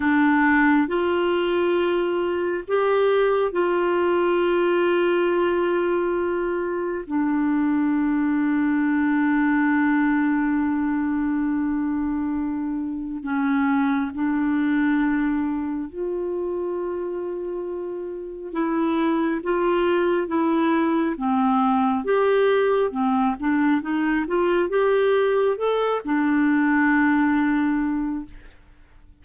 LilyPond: \new Staff \with { instrumentName = "clarinet" } { \time 4/4 \tempo 4 = 68 d'4 f'2 g'4 | f'1 | d'1~ | d'2. cis'4 |
d'2 f'2~ | f'4 e'4 f'4 e'4 | c'4 g'4 c'8 d'8 dis'8 f'8 | g'4 a'8 d'2~ d'8 | }